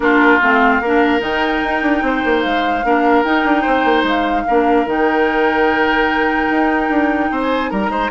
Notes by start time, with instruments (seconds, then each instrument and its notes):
0.00 bassoon A#3, clarinet D4, oboe F4, flute A#4
0.41 bassoon A3, clarinet C4, flute F5
0.80 bassoon A#3, clarinet D4, oboe A#4
1.19 bassoon D#3, clarinet D#4, flute G5
1.63 bassoon D#4
1.82 bassoon D4
2.02 bassoon C4, oboe C5
2.24 bassoon A#3
2.41 bassoon G#3, flute F5
2.84 bassoon A#3, clarinet D4, oboe A#4
3.23 bassoon D#4, clarinet D#4, flute G5
3.44 bassoon D4
3.61 bassoon C4, oboe C5
3.84 bassoon A#3
4.03 bassoon G#3, flute F5
4.47 bassoon A#3, clarinet D4, oboe A#4
4.86 bassoon D#3, clarinet D#4, flute G5
6.50 bassoon D#4
6.89 bassoon D4
7.31 bassoon C4, oboe C5
7.41 flute G#5
7.70 bassoon G3, oboe A#4, flute A#5
7.89 bassoon G#3, oboe C5